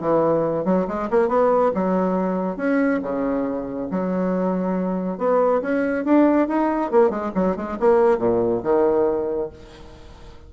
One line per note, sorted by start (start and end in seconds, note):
0.00 0.65 E3
0.65 0.86 F#3
0.87 1.09 G#3
1.10 1.28 A#3
1.28 1.71 B3
1.74 2.56 F#3
2.56 3.00 C#4
3.02 3.89 C#3
3.90 5.18 F#3
5.18 5.61 B3
5.61 6.05 C#4
6.05 6.48 D4
6.48 6.91 D#4
6.91 7.10 A#3
7.10 7.31 G#3
7.35 7.56 F#3
7.56 7.78 G#3
7.79 8.18 A#3
8.18 8.61 A#2
8.63 9.49 D#3